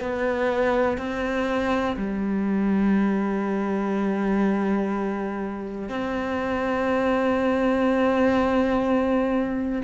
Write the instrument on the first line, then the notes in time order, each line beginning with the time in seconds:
cello
0.00 B3
0.97 C4
1.97 G3
5.89 C4